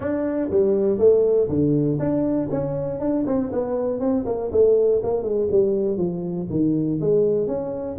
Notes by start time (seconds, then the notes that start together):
0.00 D4
0.50 G3
0.98 A3
1.49 D3
1.99 D4
2.50 C#4
3.00 D4
3.26 C4
3.52 B3
4.00 C4
4.25 A#3
4.51 A3
5.03 A#3
5.22 G#3
5.51 G3
5.97 F3
6.50 D#3
7.00 G#3
7.47 C#4